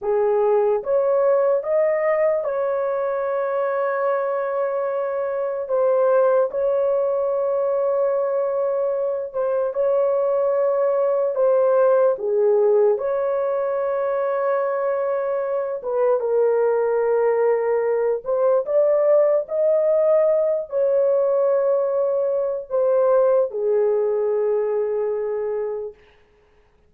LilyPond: \new Staff \with { instrumentName = "horn" } { \time 4/4 \tempo 4 = 74 gis'4 cis''4 dis''4 cis''4~ | cis''2. c''4 | cis''2.~ cis''8 c''8 | cis''2 c''4 gis'4 |
cis''2.~ cis''8 b'8 | ais'2~ ais'8 c''8 d''4 | dis''4. cis''2~ cis''8 | c''4 gis'2. | }